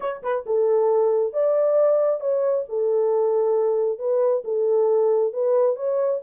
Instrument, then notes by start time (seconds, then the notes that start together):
horn
0.00 C#5
0.22 B4
0.45 A4
1.33 D5
2.20 C#5
2.68 A4
3.98 B4
4.44 A4
5.33 B4
5.76 C#5